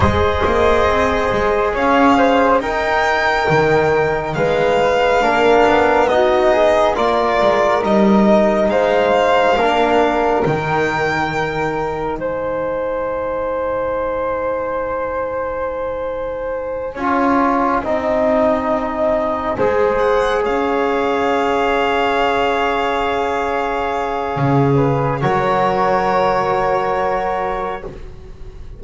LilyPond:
<<
  \new Staff \with { instrumentName = "violin" } { \time 4/4 \tempo 4 = 69 dis''2 f''4 g''4~ | g''4 f''2 dis''4 | d''4 dis''4 f''2 | g''2 gis''2~ |
gis''1~ | gis''2. fis''8 f''8~ | f''1~ | f''4 cis''2. | }
  \new Staff \with { instrumentName = "flute" } { \time 4/4 c''2 cis''8 c''8 ais'4~ | ais'4 b'4 ais'4 fis'8 gis'8 | ais'2 c''4 ais'4~ | ais'2 c''2~ |
c''2.~ c''8 cis''8~ | cis''8 dis''2 c''4 cis''8~ | cis''1~ | cis''8 b'8 ais'2. | }
  \new Staff \with { instrumentName = "trombone" } { \time 4/4 gis'2. dis'4~ | dis'2 d'4 dis'4 | f'4 dis'2 d'4 | dis'1~ |
dis'2.~ dis'8 f'8~ | f'8 dis'2 gis'4.~ | gis'1~ | gis'4 fis'2. | }
  \new Staff \with { instrumentName = "double bass" } { \time 4/4 gis8 ais8 c'8 gis8 cis'4 dis'4 | dis4 gis4 ais8 b4. | ais8 gis8 g4 gis4 ais4 | dis2 gis2~ |
gis2.~ gis8 cis'8~ | cis'8 c'2 gis4 cis'8~ | cis'1 | cis4 fis2. | }
>>